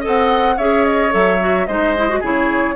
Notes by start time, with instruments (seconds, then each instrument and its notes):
0.00 clarinet A4, oboe D#5
0.06 bassoon C4, flute F#5
0.57 bassoon C#4, clarinet G#4, oboe C#5, flute E5
0.85 flute D#5
1.11 bassoon F#3, clarinet A4, flute E5
1.40 clarinet F#4
1.67 bassoon G#3, clarinet D#4, oboe C5, flute D#5
1.98 clarinet E4
2.09 clarinet F#4
2.20 bassoon C#3, clarinet E4, oboe G#4, flute C#5